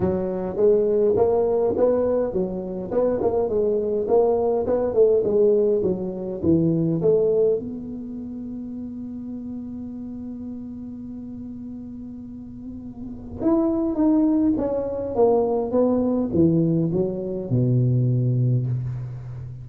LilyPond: \new Staff \with { instrumentName = "tuba" } { \time 4/4 \tempo 4 = 103 fis4 gis4 ais4 b4 | fis4 b8 ais8 gis4 ais4 | b8 a8 gis4 fis4 e4 | a4 b2.~ |
b1~ | b2. e'4 | dis'4 cis'4 ais4 b4 | e4 fis4 b,2 | }